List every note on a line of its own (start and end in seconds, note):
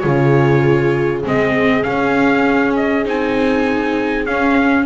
0.00 1.25 C#3
0.00 1.24 F4
0.00 4.86 G#4
0.00 1.21 C#5
1.24 1.86 G#3
1.24 1.82 C4
1.24 1.83 D#5
1.82 3.04 C#4
1.82 3.05 C#4
1.82 2.74 F5
2.76 3.06 D#5
3.05 4.26 C4
3.05 4.26 D#4
3.05 4.25 G#5
4.25 4.86 C#4
4.25 4.86 F5